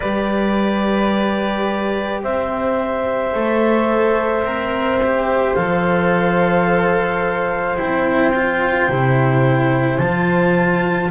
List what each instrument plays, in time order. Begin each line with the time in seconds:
0.00 double bass G3, cello G4, flute B4, clarinet D5
2.22 double bass C4, flute C5, clarinet E5
3.34 double bass A3, cello A4
4.43 double bass C4, cello A#4
5.02 cello G4
5.54 double bass F3, cello A4, clarinet F5
7.76 double bass C4, cello E4, clarinet G5
8.34 cello F4
8.88 double bass C3, cello E4
9.98 double bass F3, cello F4, clarinet A5